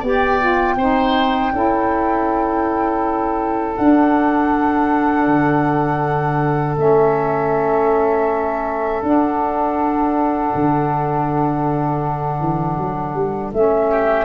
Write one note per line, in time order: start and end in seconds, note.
0.00 0.77 B3
0.00 0.40 G4
0.00 0.75 D5
0.00 3.76 G5
0.40 0.78 F4
0.77 1.52 C4
0.77 1.54 D#4
0.77 1.53 C5
1.53 3.78 C#4
1.53 3.77 E4
1.53 13.91 A4
3.76 6.77 D4
3.76 5.27 D4
3.76 6.76 F#5
5.27 6.77 D3
6.77 9.02 A3
6.77 9.02 C#4
6.77 9.03 E5
9.03 10.53 D4
9.03 13.53 D4
9.03 13.53 F#5
10.55 12.40 D3
12.40 12.77 E3
12.78 13.14 F#3
13.14 13.52 G3
13.54 14.26 A3
13.54 14.26 C#4
13.54 14.26 E5
13.91 14.26 G4